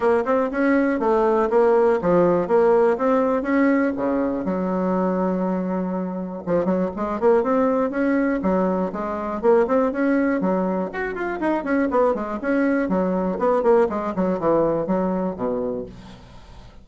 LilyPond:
\new Staff \with { instrumentName = "bassoon" } { \time 4/4 \tempo 4 = 121 ais8 c'8 cis'4 a4 ais4 | f4 ais4 c'4 cis'4 | cis4 fis2.~ | fis4 f8 fis8 gis8 ais8 c'4 |
cis'4 fis4 gis4 ais8 c'8 | cis'4 fis4 fis'8 f'8 dis'8 cis'8 | b8 gis8 cis'4 fis4 b8 ais8 | gis8 fis8 e4 fis4 b,4 | }